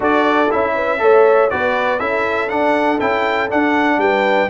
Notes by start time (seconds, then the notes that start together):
0.00 D4 F#4 A4 D5
0.50 C#4 E4 E5
0.75 B4
0.98 A3 A4 C#5
1.50 B3 F#4 B4 D5
1.99 C#4 E4 A4 E5
2.48 D4 F#5
3.00 C#4 E4 G5
3.49 D4 F#5
3.97 G3 B4 G5